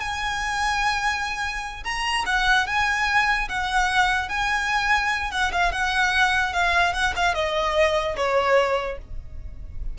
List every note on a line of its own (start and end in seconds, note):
0.00 1.84 G#5
1.84 2.25 A#5
2.26 2.67 F#5
2.67 3.48 G#5
3.49 4.29 F#5
4.29 5.31 G#5
5.31 5.52 F#5
5.52 5.72 F5
5.72 6.53 F#5
6.53 6.93 F5
6.93 7.14 F#5
7.16 7.35 F5
7.35 8.16 D#5
8.17 8.98 C#5